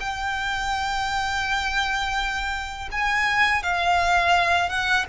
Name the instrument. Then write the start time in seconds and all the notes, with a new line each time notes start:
violin
0.00 G5
2.91 G#5
3.63 F5
4.69 F#5